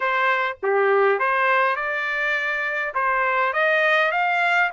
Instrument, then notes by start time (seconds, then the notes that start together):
trumpet
0.00 C5
0.62 G4
1.19 C5
1.76 D5
2.94 C5
3.53 D#5
4.11 F5